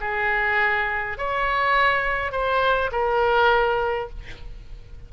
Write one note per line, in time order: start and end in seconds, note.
0.00 1.18 G#4
1.18 2.32 C#5
2.32 2.91 C5
2.92 4.09 A#4